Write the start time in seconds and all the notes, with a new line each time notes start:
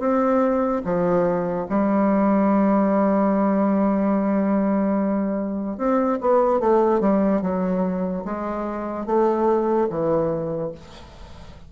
0.00 C4
0.85 F3
1.70 G3
5.78 C4
6.21 B3
6.60 A3
7.01 G3
7.42 F#3
8.25 G#3
9.06 A3
9.90 E3